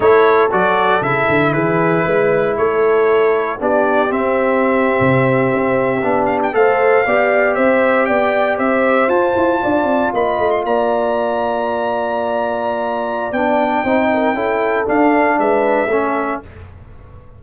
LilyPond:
<<
  \new Staff \with { instrumentName = "trumpet" } { \time 4/4 \tempo 4 = 117 cis''4 d''4 e''4 b'4~ | b'4 cis''2 d''4 | e''1~ | e''16 f''16 g''16 f''2 e''4 g''16~ |
g''8. e''4 a''2 b''16~ | b''8 c'''16 ais''2.~ ais''16~ | ais''2 g''2~ | g''4 f''4 e''2 | }
  \new Staff \with { instrumentName = "horn" } { \time 4/4 a'2. gis'4 | b'4 a'2 g'4~ | g'1~ | g'8. c''4 d''4 c''4 d''16~ |
d''8. c''2 d''4 dis''16~ | dis''8. d''2.~ d''16~ | d''2. c''8 ais'8 | a'2 b'4 a'4 | }
  \new Staff \with { instrumentName = "trombone" } { \time 4/4 e'4 fis'4 e'2~ | e'2. d'4 | c'2.~ c'8. d'16~ | d'8. a'4 g'2~ g'16~ |
g'4.~ g'16 f'2~ f'16~ | f'1~ | f'2 d'4 dis'4 | e'4 d'2 cis'4 | }
  \new Staff \with { instrumentName = "tuba" } { \time 4/4 a4 fis4 cis8 d8 e4 | gis4 a2 b4 | c'4.~ c'16 c4 c'4 b16~ | b8. a4 b4 c'4 b16~ |
b8. c'4 f'8 e'8 d'8 c'8 ais16~ | ais16 a8 ais2.~ ais16~ | ais2 b4 c'4 | cis'4 d'4 gis4 a4 | }
>>